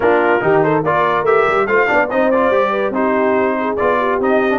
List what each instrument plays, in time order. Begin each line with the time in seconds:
0.00 tuba A#3, trombone D4, horn F4, trumpet A#4
0.40 tuba D#3, trombone D#4, horn G4
0.63 horn A4, trumpet C5
0.82 tuba A#3, trombone F4, horn A#4, trumpet D5
1.22 tuba A3, trombone G4, trumpet E5
1.47 tuba G3
1.66 tuba A3, trombone F4, horn C5, trumpet F5
1.86 tuba B3, trombone D4, horn D5
2.10 tuba C4, trombone D#4, horn C5, trumpet D#5
2.30 trombone F4, trumpet D5
2.50 tuba G3, trombone G4
2.71 horn B4
2.90 tuba C4, trombone D#4, horn G4, trumpet C5
3.59 horn G#4
3.76 tuba B3, trombone F4, trumpet D5
3.98 horn G4
4.19 tuba C4, trombone D#4, trumpet D#5
4.50 trombone D4